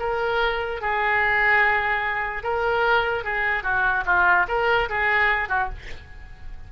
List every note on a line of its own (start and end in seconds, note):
0.00 0.82 A#4
0.82 2.43 G#4
2.43 3.24 A#4
3.24 3.64 G#4
3.64 4.05 F#4
4.06 4.47 F4
4.48 4.89 A#4
4.90 5.49 G#4
5.49 5.70 F#4